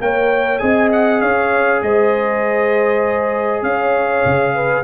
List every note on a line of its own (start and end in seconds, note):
0.00 0.61 A#3
0.00 0.60 A#4
0.00 0.62 C#5
0.00 0.58 G5
0.58 1.22 C4
0.58 4.83 G#4
0.58 1.21 D#5
0.58 0.89 G#5
0.92 1.20 F#5
1.20 1.82 C#4
1.20 1.82 C#5
1.20 1.81 F5
1.82 3.62 G#3
1.82 3.65 C5
1.82 3.63 D#5
3.62 4.23 C#4
3.62 4.54 C#5
3.62 4.83 F5
4.25 4.83 C#3
4.54 4.83 B4